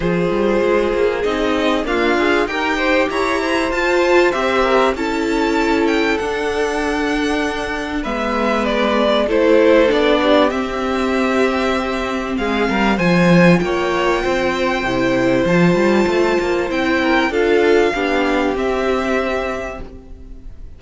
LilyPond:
<<
  \new Staff \with { instrumentName = "violin" } { \time 4/4 \tempo 4 = 97 c''2 dis''4 f''4 | g''4 ais''4 a''4 e''4 | a''4. g''8 fis''2~ | fis''4 e''4 d''4 c''4 |
d''4 e''2. | f''4 gis''4 g''2~ | g''4 a''2 g''4 | f''2 e''2 | }
  \new Staff \with { instrumentName = "violin" } { \time 4/4 gis'2. f'4 | ais'8 c''8 cis''8 c''2 ais'8 | a'1~ | a'4 b'2 a'4~ |
a'8 g'2.~ g'8 | gis'8 ais'8 c''4 cis''4 c''4~ | c''2.~ c''8 ais'8 | a'4 g'2. | }
  \new Staff \with { instrumentName = "viola" } { \time 4/4 f'2 dis'4 ais8 gis'8 | g'2 f'4 g'4 | e'2 d'2~ | d'4 b2 e'4 |
d'4 c'2.~ | c'4 f'2. | e'4 f'2 e'4 | f'4 d'4 c'2 | }
  \new Staff \with { instrumentName = "cello" } { \time 4/4 f8 g8 gis8 ais8 c'4 d'4 | dis'4 e'4 f'4 c'4 | cis'2 d'2~ | d'4 gis2 a4 |
b4 c'2. | gis8 g8 f4 ais4 c'4 | c4 f8 g8 a8 ais8 c'4 | d'4 b4 c'2 | }
>>